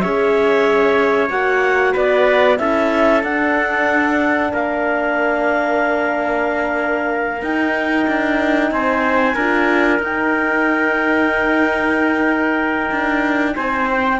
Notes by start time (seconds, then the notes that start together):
0.00 C#4 G#4 C#5 E5
1.30 A#3 F#4 F#5
1.92 B3 B4 D5
2.57 C#4 E4 A4 E5
3.23 D4 F#5
4.52 A#3 A#4 F5
7.42 D#4 G5
8.07 D4
8.71 C4 C5 G#5
9.35 D4 F4 A#4
9.99 D#4 G5
12.91 D4
13.55 C4 C5 G#5
13.90 G5